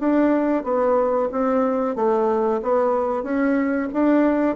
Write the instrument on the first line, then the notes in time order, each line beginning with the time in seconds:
bassoon
0.00 D4
0.64 B3
1.32 C4
1.96 A3
2.63 B3
3.23 C#4
3.93 D4